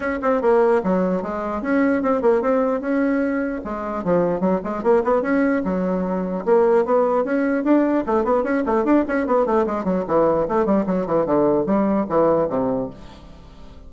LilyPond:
\new Staff \with { instrumentName = "bassoon" } { \time 4/4 \tempo 4 = 149 cis'8 c'8 ais4 fis4 gis4 | cis'4 c'8 ais8 c'4 cis'4~ | cis'4 gis4 f4 fis8 gis8 | ais8 b8 cis'4 fis2 |
ais4 b4 cis'4 d'4 | a8 b8 cis'8 a8 d'8 cis'8 b8 a8 | gis8 fis8 e4 a8 g8 fis8 e8 | d4 g4 e4 c4 | }